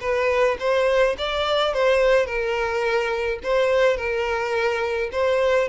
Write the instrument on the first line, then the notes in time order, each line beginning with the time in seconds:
violin
0.00 B4
0.59 C5
1.18 D5
1.73 C5
2.26 A#4
3.43 C5
3.96 A#4
5.12 C5